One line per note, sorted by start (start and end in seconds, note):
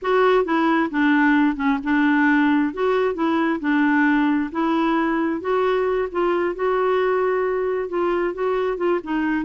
0.02 0.44 F#4
0.44 0.89 E4
0.90 1.56 D4
1.56 1.78 C#4
1.83 2.73 D4
2.73 3.14 F#4
3.14 3.59 E4
3.60 4.50 D4
4.51 5.40 E4
5.40 6.08 F#4
6.11 6.55 F4
6.55 7.88 F#4
7.88 8.34 F4
8.34 8.77 F#4
8.77 8.99 F4
9.03 9.45 D#4